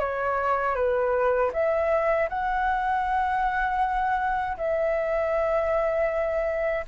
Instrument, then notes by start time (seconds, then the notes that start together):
flute
0.00 C#5
0.76 B4
1.53 E5
2.30 F#5
4.58 E5